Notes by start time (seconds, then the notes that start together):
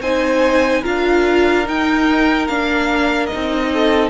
0.00 C4 D#4 C5 G#5
0.82 D4 F4 A#4 F5
1.65 D#4 G5
2.47 A#3 D4 F5
3.26 D#4 D#5
3.35 C4
3.73 A4